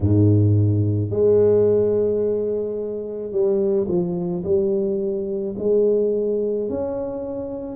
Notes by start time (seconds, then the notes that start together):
0.00 G#2
1.10 G#3
3.31 G3
3.88 F3
4.44 G3
5.58 G#3
6.69 C#4